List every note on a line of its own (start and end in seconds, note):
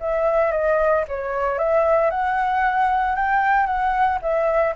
0.00 0.52 E5
0.52 1.05 D#5
1.08 1.59 C#5
1.59 2.10 E5
2.10 3.16 F#5
3.16 3.67 G5
3.67 4.19 F#5
4.22 4.75 E5